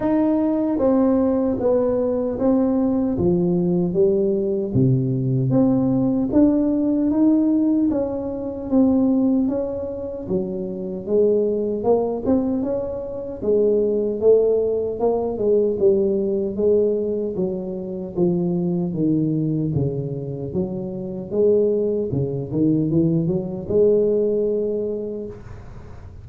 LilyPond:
\new Staff \with { instrumentName = "tuba" } { \time 4/4 \tempo 4 = 76 dis'4 c'4 b4 c'4 | f4 g4 c4 c'4 | d'4 dis'4 cis'4 c'4 | cis'4 fis4 gis4 ais8 c'8 |
cis'4 gis4 a4 ais8 gis8 | g4 gis4 fis4 f4 | dis4 cis4 fis4 gis4 | cis8 dis8 e8 fis8 gis2 | }